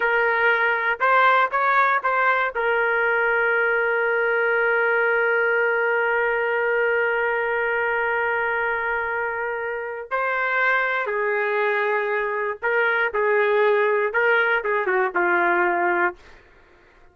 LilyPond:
\new Staff \with { instrumentName = "trumpet" } { \time 4/4 \tempo 4 = 119 ais'2 c''4 cis''4 | c''4 ais'2.~ | ais'1~ | ais'1~ |
ais'1 | c''2 gis'2~ | gis'4 ais'4 gis'2 | ais'4 gis'8 fis'8 f'2 | }